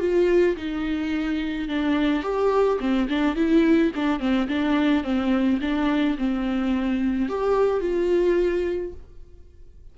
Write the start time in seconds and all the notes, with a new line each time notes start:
0.00 F4
0.56 D#4
1.68 D4
2.23 G4
2.80 C4
3.09 D4
3.36 E4
3.95 D4
4.20 C4
4.48 D4
5.04 C4
5.62 D4
6.18 C4
7.29 G4
7.81 F4